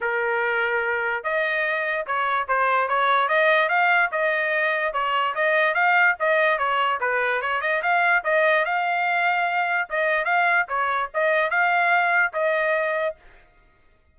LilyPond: \new Staff \with { instrumentName = "trumpet" } { \time 4/4 \tempo 4 = 146 ais'2. dis''4~ | dis''4 cis''4 c''4 cis''4 | dis''4 f''4 dis''2 | cis''4 dis''4 f''4 dis''4 |
cis''4 b'4 cis''8 dis''8 f''4 | dis''4 f''2. | dis''4 f''4 cis''4 dis''4 | f''2 dis''2 | }